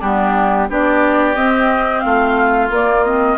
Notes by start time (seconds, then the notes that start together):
0.00 G3 B3 D4 G4
0.69 B3 D4 G4 D5
1.36 C4 D#5
2.00 A3 F4 F5
2.70 A#3 D5
3.04 C4 D#5